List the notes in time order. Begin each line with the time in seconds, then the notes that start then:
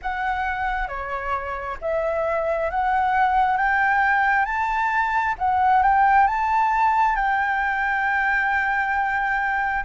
0.02 F#5
0.88 C#5
1.81 E5
2.70 F#5
3.57 G5
4.45 A5
5.38 F#5
5.82 G5
6.27 A5
7.15 G5